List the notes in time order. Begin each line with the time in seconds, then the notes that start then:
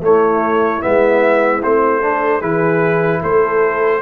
0.00 A3 E4 C#5
0.81 G#3 B3 E5
1.62 A3 C4 C5
2.01 D4 A4
2.39 E3 E4 G#4 B4
3.21 A3 A4 C5